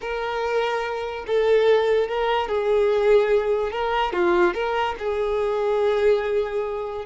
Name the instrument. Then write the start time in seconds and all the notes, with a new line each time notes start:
violin
0.01 A#4
1.26 A4
2.08 A#4
2.48 G#4
3.71 A#4
4.12 F4
4.53 A#4
4.98 G#4